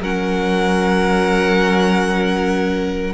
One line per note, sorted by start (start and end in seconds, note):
0.00 3.13 F#3
0.00 3.14 C#4
0.00 3.14 A#4
0.00 3.14 F#5